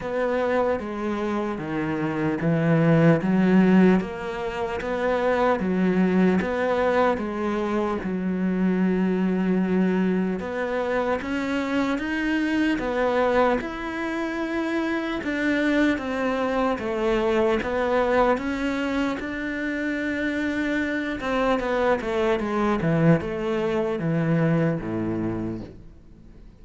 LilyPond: \new Staff \with { instrumentName = "cello" } { \time 4/4 \tempo 4 = 75 b4 gis4 dis4 e4 | fis4 ais4 b4 fis4 | b4 gis4 fis2~ | fis4 b4 cis'4 dis'4 |
b4 e'2 d'4 | c'4 a4 b4 cis'4 | d'2~ d'8 c'8 b8 a8 | gis8 e8 a4 e4 a,4 | }